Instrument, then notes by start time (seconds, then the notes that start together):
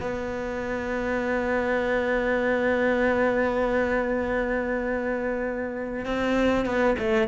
cello
0.00 B3
6.05 C4
6.65 B3
6.98 A3